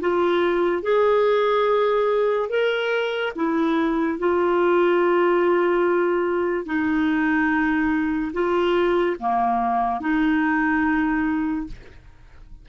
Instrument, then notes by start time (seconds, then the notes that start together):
clarinet
0.00 F4
0.82 G#4
2.49 A#4
3.35 E4
4.19 F4
6.65 D#4
8.33 F4
9.19 A#3
10.00 D#4